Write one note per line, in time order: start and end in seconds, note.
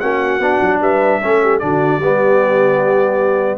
0.00 0.40 A#3
0.00 0.41 C#4
0.00 0.81 F#4
0.00 0.80 F#5
0.40 0.60 B3
0.40 1.22 D4
0.62 0.81 F#3
0.81 1.21 G3
0.81 1.22 B4
0.81 1.60 E5
1.22 1.63 A3
1.22 1.61 C#4
1.22 1.42 A4
1.43 1.62 G4
1.60 1.98 D3
1.60 2.01 D4
1.60 2.03 F#4
1.60 3.58 D5
1.98 3.58 G3
1.98 3.58 B3
1.98 3.58 G4